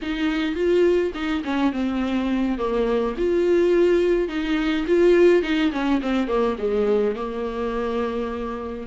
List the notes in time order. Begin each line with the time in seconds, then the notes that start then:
0.02 D#4
0.55 F4
1.14 D#4
1.44 C#4
1.72 C4
2.58 A#3
3.17 F4
4.28 D#4
4.87 F4
5.42 D#4
5.72 C#4
6.01 C4
6.27 A#3
6.58 G#3
7.15 A#3